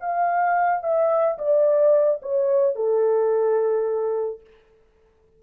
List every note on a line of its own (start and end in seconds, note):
0.00 0.83 F5
0.83 1.38 E5
1.38 2.21 D5
2.22 2.75 C#5
2.75 4.40 A4